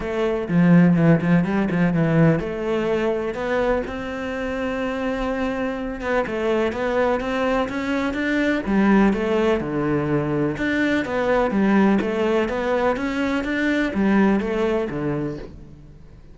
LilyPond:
\new Staff \with { instrumentName = "cello" } { \time 4/4 \tempo 4 = 125 a4 f4 e8 f8 g8 f8 | e4 a2 b4 | c'1~ | c'8 b8 a4 b4 c'4 |
cis'4 d'4 g4 a4 | d2 d'4 b4 | g4 a4 b4 cis'4 | d'4 g4 a4 d4 | }